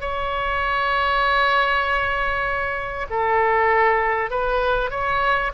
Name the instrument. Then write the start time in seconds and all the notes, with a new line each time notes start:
oboe
0.00 C#5
3.10 A4
4.30 B4
4.90 C#5